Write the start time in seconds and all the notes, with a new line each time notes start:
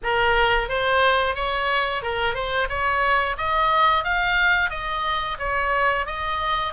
0.03 A#4
0.69 C5
1.35 C#5
2.02 A#4
2.34 C5
2.69 C#5
3.37 D#5
4.04 F5
4.70 D#5
5.38 C#5
6.06 D#5